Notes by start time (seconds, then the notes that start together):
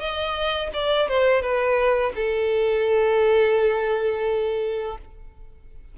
0.00 D#5
0.74 D5
1.09 C5
1.42 B4
2.16 A4